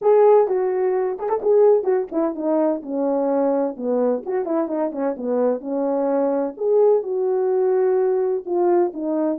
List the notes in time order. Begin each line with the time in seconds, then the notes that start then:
0.01 G#4
0.47 F#4
1.19 G#4
1.29 A4
1.42 G#4
1.83 F#4
2.11 E4
2.35 D#4
2.82 C#4
3.76 B3
4.25 F#4
4.45 E4
4.67 D#4
4.92 C#4
5.16 B3
5.60 C#4
6.57 G#4
7.02 F#4
8.45 F4
8.93 D#4